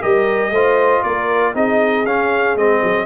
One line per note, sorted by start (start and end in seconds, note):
0.00 0.50 G3
0.00 0.51 G4
0.00 0.52 A#4
0.00 1.03 D#5
0.50 1.01 A3
0.50 1.54 F4
0.50 1.03 C5
1.03 1.54 A#3
1.03 1.53 A#4
1.03 1.54 D5
1.54 2.05 C4
1.54 2.05 D#4
1.54 3.05 G#4
1.54 2.05 D#5
2.05 2.56 C#4
2.05 2.57 C#4
2.05 2.56 F5
2.56 2.81 G#3
2.56 3.05 C4
2.56 3.05 D#5
2.82 3.05 F#3